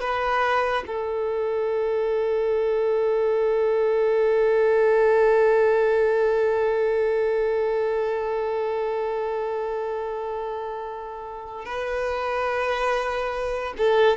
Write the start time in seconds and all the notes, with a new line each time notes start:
0.00 B4
0.86 A4
11.65 B4
13.77 A4